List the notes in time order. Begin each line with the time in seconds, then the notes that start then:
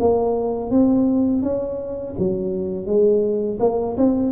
0.00 A#3
0.71 C4
1.43 C#4
2.19 F#3
2.86 G#3
3.60 A#3
3.98 C4